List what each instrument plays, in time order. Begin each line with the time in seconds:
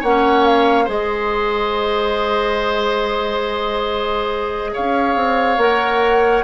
0.00 bassoon A#3, oboe C#5, flute F#5
0.06 clarinet C#4
0.46 flute F5
0.84 bassoon G#3, clarinet G#4, oboe C5, flute D#5
4.73 bassoon C#4, oboe C#5, flute F5
5.15 bassoon C4
5.57 bassoon A#3, clarinet A#4, flute F#5